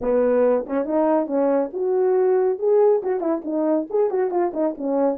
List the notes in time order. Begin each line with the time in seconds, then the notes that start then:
0.01 B3
0.66 C#4
0.85 D#4
1.26 C#4
1.73 F#4
2.59 G#4
3.02 F#4
3.20 E4
3.44 D#4
3.90 G#4
4.10 F#4
4.30 F4
4.53 D#4
4.77 C#4